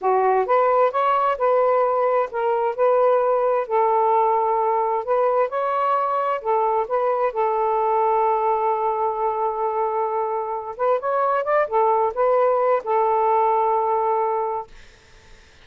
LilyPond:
\new Staff \with { instrumentName = "saxophone" } { \time 4/4 \tempo 4 = 131 fis'4 b'4 cis''4 b'4~ | b'4 ais'4 b'2 | a'2. b'4 | cis''2 a'4 b'4 |
a'1~ | a'2.~ a'8 b'8 | cis''4 d''8 a'4 b'4. | a'1 | }